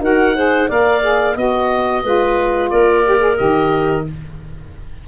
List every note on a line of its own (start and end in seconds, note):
0.00 0.67 D#4
0.00 0.35 F#4
0.00 0.36 A#4
0.00 0.71 F#5
0.36 0.69 G#4
0.36 0.69 C5
0.69 1.37 A#3
0.69 1.02 A#4
0.69 1.36 D5
0.69 1.38 F5
1.02 1.35 G#4
1.36 2.04 B3
1.36 2.03 F#4
1.36 2.03 D#5
1.36 2.71 D#5
2.04 2.71 G#3
2.04 3.05 F4
2.04 2.71 B4
2.71 3.40 A#3
2.71 4.06 A#4
2.71 3.38 D5
3.06 3.19 G4
3.19 3.36 G#4
3.37 4.08 D#3
3.37 4.05 G4
3.37 4.05 D#5